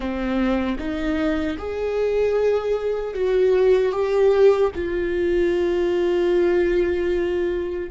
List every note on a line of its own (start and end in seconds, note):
0.00 0.77 C4
0.78 1.57 D#4
1.58 3.14 G#4
3.14 3.92 F#4
3.92 4.71 G4
4.75 7.91 F4